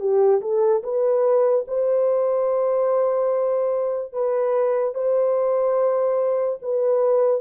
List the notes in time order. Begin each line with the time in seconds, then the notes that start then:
0.00 G4
0.41 A4
0.83 B4
1.67 C5
4.13 B4
4.94 C5
6.62 B4